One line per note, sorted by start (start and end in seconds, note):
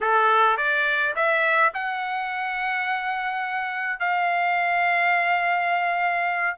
0.01 0.57 A4
0.57 1.14 D5
1.15 1.72 E5
1.74 3.99 F#5
3.99 6.56 F5